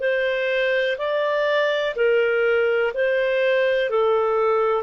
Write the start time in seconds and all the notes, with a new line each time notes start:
0.00 C5
0.98 D5
1.95 A#4
2.94 C5
3.90 A4